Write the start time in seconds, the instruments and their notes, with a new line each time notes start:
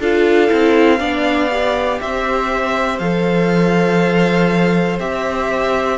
0.00 cello D4, viola F4, violin A4 F5
0.47 cello C4, viola E4
0.99 cello B3, viola D4, violin D5
1.51 viola G4
2.01 cello C4, violin C5 E5
2.99 cello F3, viola A4, violin F5
4.99 cello C4, viola G4, violin E5